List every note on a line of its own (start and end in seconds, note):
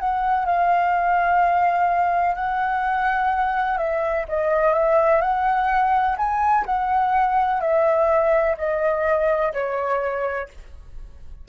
0.00 0.46 F#5
0.46 2.35 F5
2.35 3.78 F#5
3.78 4.26 E5
4.29 4.74 D#5
4.74 5.22 E5
5.22 6.17 F#5
6.18 6.65 G#5
6.66 7.61 F#5
7.61 8.56 E5
8.58 9.53 D#5
9.54 10.49 C#5